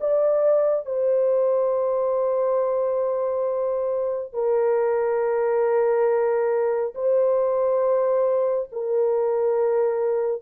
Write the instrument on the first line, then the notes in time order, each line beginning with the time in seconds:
horn
0.00 D5
0.85 C5
4.33 A#4
6.94 C5
8.72 A#4